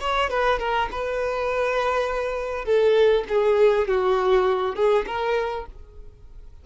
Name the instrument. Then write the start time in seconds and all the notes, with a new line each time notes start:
violin
0.00 C#5
0.30 B4
0.59 A#4
0.91 B4
2.65 A4
3.29 G#4
3.87 F#4
4.76 G#4
5.06 A#4